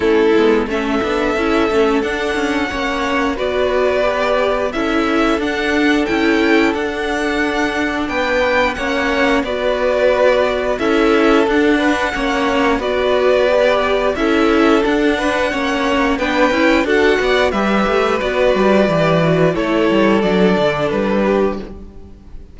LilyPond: <<
  \new Staff \with { instrumentName = "violin" } { \time 4/4 \tempo 4 = 89 a'4 e''2 fis''4~ | fis''4 d''2 e''4 | fis''4 g''4 fis''2 | g''4 fis''4 d''2 |
e''4 fis''2 d''4~ | d''4 e''4 fis''2 | g''4 fis''4 e''4 d''4~ | d''4 cis''4 d''4 b'4 | }
  \new Staff \with { instrumentName = "violin" } { \time 4/4 e'4 a'2. | cis''4 b'2 a'4~ | a'1 | b'4 cis''4 b'2 |
a'4. b'8 cis''4 b'4~ | b'4 a'4. b'8 cis''4 | b'4 a'8 d''8 b'2~ | b'4 a'2~ a'8 g'8 | }
  \new Staff \with { instrumentName = "viola" } { \time 4/4 cis'8 b8 cis'8 d'8 e'8 cis'8 d'4 | cis'4 fis'4 g'4 e'4 | d'4 e'4 d'2~ | d'4 cis'4 fis'2 |
e'4 d'4 cis'4 fis'4 | g'4 e'4 d'4 cis'4 | d'8 e'8 fis'4 g'4 fis'4 | g'8 fis'8 e'4 d'2 | }
  \new Staff \with { instrumentName = "cello" } { \time 4/4 a8 gis8 a8 b8 cis'8 a8 d'8 cis'8 | ais4 b2 cis'4 | d'4 cis'4 d'2 | b4 ais4 b2 |
cis'4 d'4 ais4 b4~ | b4 cis'4 d'4 ais4 | b8 cis'8 d'8 b8 g8 a8 b8 g8 | e4 a8 g8 fis8 d8 g4 | }
>>